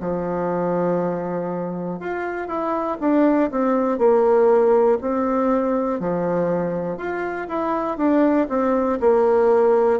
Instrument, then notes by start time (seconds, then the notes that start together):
bassoon
0.00 F3
2.00 F4
2.47 E4
3.00 D4
3.50 C4
3.98 A#3
5.01 C4
5.99 F3
6.97 F4
7.48 E4
7.97 D4
8.49 C4
9.00 A#3